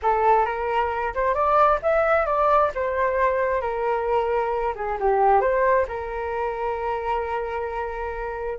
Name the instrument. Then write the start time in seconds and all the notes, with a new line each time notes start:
flute
0.02 A4
0.45 A#4
1.14 C5
1.34 D5
1.82 E5
2.26 D5
2.75 C5
3.61 A#4
4.75 G#4
5.00 G4
5.40 C5
5.87 A#4